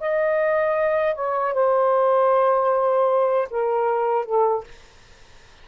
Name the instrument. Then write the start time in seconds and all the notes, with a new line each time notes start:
saxophone
0.00 D#5
1.15 C#5
1.53 C5
3.50 A#4
4.25 A4